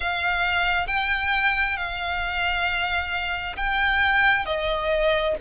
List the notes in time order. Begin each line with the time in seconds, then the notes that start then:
0.00 F5
0.87 G5
1.77 F5
3.56 G5
4.45 D#5